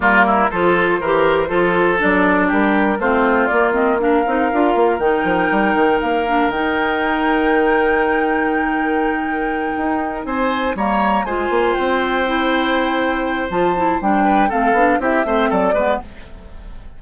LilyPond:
<<
  \new Staff \with { instrumentName = "flute" } { \time 4/4 \tempo 4 = 120 ais'4 c''2. | d''4 ais'4 c''4 d''8 dis''8 | f''2 g''2 | f''4 g''2.~ |
g''1~ | g''8 gis''4 ais''4 gis''4 g''8~ | g''2. a''4 | g''4 f''4 e''4 d''4 | }
  \new Staff \with { instrumentName = "oboe" } { \time 4/4 f'8 e'8 a'4 ais'4 a'4~ | a'4 g'4 f'2 | ais'1~ | ais'1~ |
ais'1~ | ais'8 c''4 cis''4 c''4.~ | c''1~ | c''8 b'8 a'4 g'8 c''8 a'8 b'8 | }
  \new Staff \with { instrumentName = "clarinet" } { \time 4/4 ais4 f'4 g'4 f'4 | d'2 c'4 ais8 c'8 | d'8 dis'8 f'4 dis'2~ | dis'8 d'8 dis'2.~ |
dis'1~ | dis'4. ais4 f'4.~ | f'8 e'2~ e'8 f'8 e'8 | d'4 c'8 d'8 e'8 c'4 b8 | }
  \new Staff \with { instrumentName = "bassoon" } { \time 4/4 g4 f4 e4 f4 | fis4 g4 a4 ais4~ | ais8 c'8 d'8 ais8 dis8 f8 g8 dis8 | ais4 dis2.~ |
dis2.~ dis8 dis'8~ | dis'8 c'4 g4 gis8 ais8 c'8~ | c'2. f4 | g4 a8 b8 c'8 a8 fis8 gis8 | }
>>